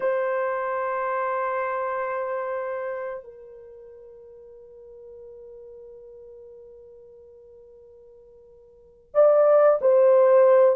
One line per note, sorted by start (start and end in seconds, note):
0.00 3.23 C5
3.23 9.10 A#4
9.14 9.79 D5
9.81 10.75 C5